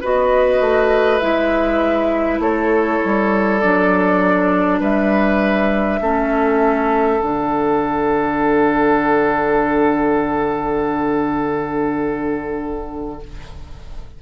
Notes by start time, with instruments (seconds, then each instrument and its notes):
0.00 bassoon B3, clarinet F#4, oboe B4, flute D#5
0.60 bassoon A3
1.19 bassoon G#3, clarinet E4, flute E5
2.39 bassoon A3, oboe A4, flute C#5
3.05 bassoon G3
3.59 bassoon F#3, clarinet D4, flute D5
4.79 bassoon G3, oboe B4, flute E5
6.00 bassoon A3, clarinet C#4, oboe A4
7.20 bassoon D3, clarinet D4, flute F#5